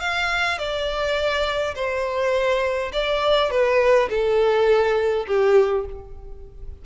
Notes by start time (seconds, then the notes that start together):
0.00 F5
0.58 D5
1.75 C5
2.92 D5
3.50 B4
4.10 A4
5.27 G4